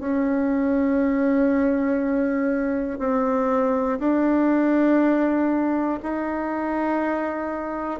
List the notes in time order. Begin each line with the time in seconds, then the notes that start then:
0.00 C#4
2.99 C4
4.00 D4
6.03 D#4